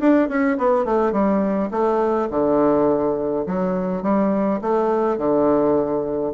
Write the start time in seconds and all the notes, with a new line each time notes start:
0.00 D4
0.29 C#4
0.58 B3
0.85 A3
1.12 G3
1.72 A3
2.31 D3
3.47 F#3
4.03 G3
4.62 A3
5.18 D3